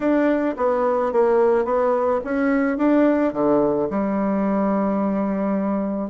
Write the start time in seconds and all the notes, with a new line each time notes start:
0.00 D4
0.57 B3
1.12 A#3
1.64 B3
2.24 C#4
2.77 D4
3.33 D3
3.89 G3